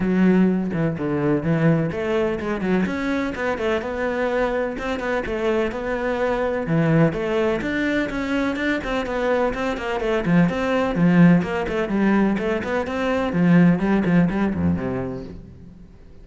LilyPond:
\new Staff \with { instrumentName = "cello" } { \time 4/4 \tempo 4 = 126 fis4. e8 d4 e4 | a4 gis8 fis8 cis'4 b8 a8 | b2 c'8 b8 a4 | b2 e4 a4 |
d'4 cis'4 d'8 c'8 b4 | c'8 ais8 a8 f8 c'4 f4 | ais8 a8 g4 a8 b8 c'4 | f4 g8 f8 g8 f,8 c4 | }